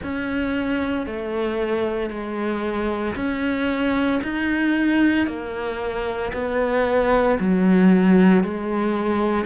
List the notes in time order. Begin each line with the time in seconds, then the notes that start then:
0.02 C#4
1.06 A3
2.10 G#3
3.15 C#4
4.23 D#4
5.26 A#3
6.33 B3
7.39 F#3
8.43 G#3